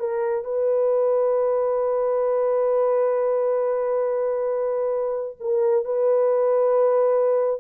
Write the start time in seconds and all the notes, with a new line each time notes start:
0.00 A#4
0.45 B4
5.41 A#4
5.85 B4